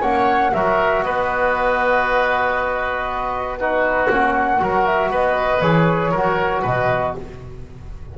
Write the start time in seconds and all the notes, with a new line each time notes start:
0.00 A#3 C#4 C#5 F#5
0.54 F#3 F#4 A#4 E5
1.02 B3 B4 D#5
3.58 D#4 F#4 B4
4.09 A#3 C#4 F#5
4.58 F#3 F#4 A#4
4.86 E5
5.10 B3 B4 D#5
5.61 E3 G#4 C#5
6.11 F#3 F#4 A#4
6.62 B2 B4 D#5